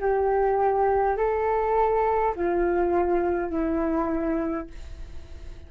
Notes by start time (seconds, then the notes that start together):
0.00 G4
1.17 A4
2.36 F4
3.50 E4